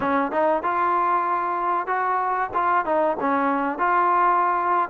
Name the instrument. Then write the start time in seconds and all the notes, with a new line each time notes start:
trombone
0.00 C#4
0.31 D#4
0.62 F4
1.86 F#4
2.53 F4
2.85 D#4
3.20 C#4
3.78 F4